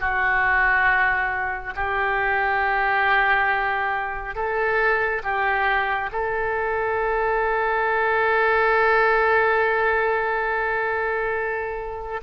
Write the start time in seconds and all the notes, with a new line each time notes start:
0.00 F#4
1.75 G4
4.35 A4
5.23 G4
6.12 A4